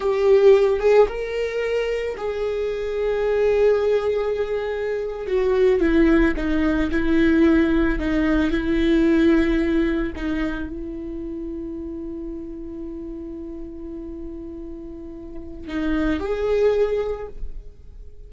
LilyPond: \new Staff \with { instrumentName = "viola" } { \time 4/4 \tempo 4 = 111 g'4. gis'8 ais'2 | gis'1~ | gis'4.~ gis'16 fis'4 e'4 dis'16~ | dis'8. e'2 dis'4 e'16~ |
e'2~ e'8. dis'4 e'16~ | e'1~ | e'1~ | e'4 dis'4 gis'2 | }